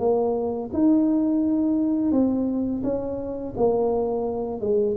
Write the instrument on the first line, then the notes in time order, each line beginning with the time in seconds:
tuba
0.00 A#3
0.73 D#4
2.12 C4
2.84 C#4
3.57 A#3
4.61 G#3